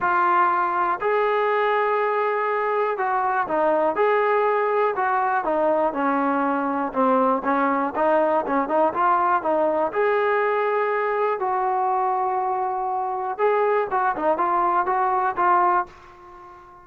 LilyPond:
\new Staff \with { instrumentName = "trombone" } { \time 4/4 \tempo 4 = 121 f'2 gis'2~ | gis'2 fis'4 dis'4 | gis'2 fis'4 dis'4 | cis'2 c'4 cis'4 |
dis'4 cis'8 dis'8 f'4 dis'4 | gis'2. fis'4~ | fis'2. gis'4 | fis'8 dis'8 f'4 fis'4 f'4 | }